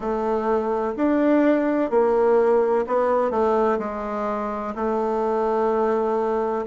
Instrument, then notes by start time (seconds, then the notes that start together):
bassoon
0.00 A3
0.96 D4
1.90 A#3
2.87 B3
3.31 A3
3.78 G#3
4.75 A3